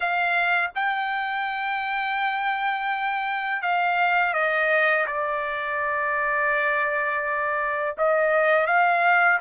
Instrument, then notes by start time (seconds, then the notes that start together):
trumpet
0.00 F5
0.75 G5
3.62 F5
4.33 D#5
5.06 D5
7.97 D#5
8.66 F5